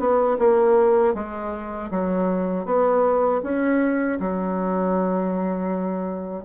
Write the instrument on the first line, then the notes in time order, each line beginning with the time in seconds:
bassoon
0.00 B3
0.39 A#3
1.15 G#3
1.91 F#3
2.66 B3
3.43 C#4
4.20 F#3